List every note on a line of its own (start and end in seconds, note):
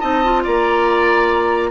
0.00 0.45 C4
0.00 0.23 D#4
0.00 0.43 D#5
0.00 0.43 A5
0.24 1.71 F4
0.44 1.71 A#3
0.44 1.71 D5
0.44 1.71 A#5